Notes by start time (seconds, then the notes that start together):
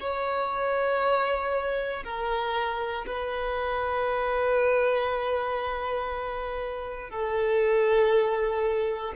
0.00 C#5
2.04 A#4
3.06 B4
7.10 A4